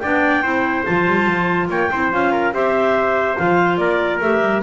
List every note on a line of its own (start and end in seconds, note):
0.00 0.43 B3
0.00 0.43 D4
0.00 0.43 D5
0.00 0.84 G5
0.43 0.85 C4
0.43 0.85 E4
0.43 1.69 C5
0.85 1.07 F3
0.85 1.92 F4
0.85 1.69 A5
1.07 1.27 G3
1.27 1.69 F3
1.70 1.91 A#3
1.70 1.91 C#5
1.70 2.13 G5
1.92 2.12 C4
1.92 2.12 E4
1.92 2.33 C5
2.12 2.53 C#4
2.12 2.53 F4
2.12 2.54 F5
2.33 2.53 A#4
2.53 3.37 C4
2.53 3.37 G4
2.53 3.80 C5
2.53 3.38 E5
3.38 3.78 F3
3.38 4.22 F4
3.38 3.78 F5
3.78 4.20 A#3
3.78 4.63 A#4
3.78 4.20 D5
4.21 4.42 A3
4.21 4.63 G4
4.21 4.63 E5
4.42 4.63 G3